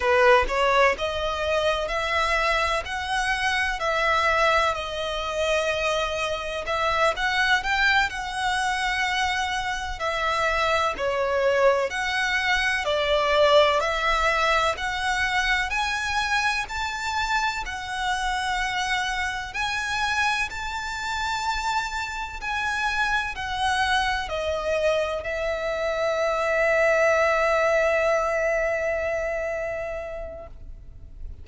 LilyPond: \new Staff \with { instrumentName = "violin" } { \time 4/4 \tempo 4 = 63 b'8 cis''8 dis''4 e''4 fis''4 | e''4 dis''2 e''8 fis''8 | g''8 fis''2 e''4 cis''8~ | cis''8 fis''4 d''4 e''4 fis''8~ |
fis''8 gis''4 a''4 fis''4.~ | fis''8 gis''4 a''2 gis''8~ | gis''8 fis''4 dis''4 e''4.~ | e''1 | }